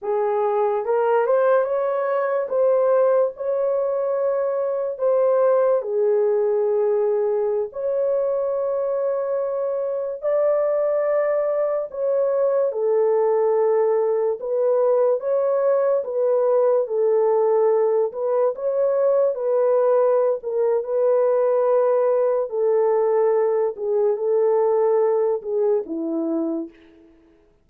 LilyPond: \new Staff \with { instrumentName = "horn" } { \time 4/4 \tempo 4 = 72 gis'4 ais'8 c''8 cis''4 c''4 | cis''2 c''4 gis'4~ | gis'4~ gis'16 cis''2~ cis''8.~ | cis''16 d''2 cis''4 a'8.~ |
a'4~ a'16 b'4 cis''4 b'8.~ | b'16 a'4. b'8 cis''4 b'8.~ | b'8 ais'8 b'2 a'4~ | a'8 gis'8 a'4. gis'8 e'4 | }